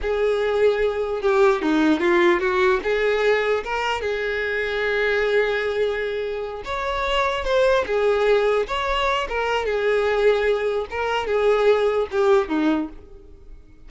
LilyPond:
\new Staff \with { instrumentName = "violin" } { \time 4/4 \tempo 4 = 149 gis'2. g'4 | dis'4 f'4 fis'4 gis'4~ | gis'4 ais'4 gis'2~ | gis'1~ |
gis'8 cis''2 c''4 gis'8~ | gis'4. cis''4. ais'4 | gis'2. ais'4 | gis'2 g'4 dis'4 | }